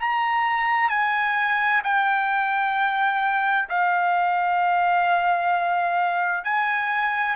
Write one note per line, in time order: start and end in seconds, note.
0.00 0.89 A#5
0.89 1.82 G#5
1.84 3.69 G5
3.69 6.44 F5
6.44 7.36 G#5